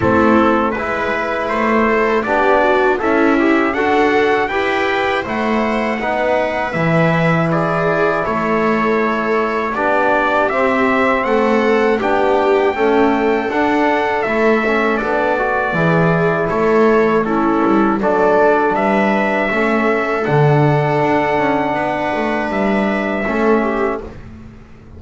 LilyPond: <<
  \new Staff \with { instrumentName = "trumpet" } { \time 4/4 \tempo 4 = 80 a'4 b'4 c''4 d''4 | e''4 fis''4 g''4 fis''4~ | fis''4 e''4 d''4 cis''4~ | cis''4 d''4 e''4 fis''4 |
g''2 fis''4 e''4 | d''2 cis''4 a'4 | d''4 e''2 fis''4~ | fis''2 e''2 | }
  \new Staff \with { instrumentName = "viola" } { \time 4/4 e'4 b'4. a'8 g'8 fis'8 | e'4 a'4 b'4 c''4 | b'2 gis'4 a'4~ | a'4 g'2 a'4 |
g'4 a'2.~ | a'4 gis'4 a'4 e'4 | a'4 b'4 a'2~ | a'4 b'2 a'8 g'8 | }
  \new Staff \with { instrumentName = "trombone" } { \time 4/4 c'4 e'2 d'4 | a'8 g'8 fis'4 g'4 e'4 | dis'4 e'2.~ | e'4 d'4 c'2 |
d'4 a4 d'4 e'8 cis'8 | d'8 fis'8 e'2 cis'4 | d'2 cis'4 d'4~ | d'2. cis'4 | }
  \new Staff \with { instrumentName = "double bass" } { \time 4/4 a4 gis4 a4 b4 | cis'4 d'4 e'4 a4 | b4 e2 a4~ | a4 b4 c'4 a4 |
b4 cis'4 d'4 a4 | b4 e4 a4. g8 | fis4 g4 a4 d4 | d'8 cis'8 b8 a8 g4 a4 | }
>>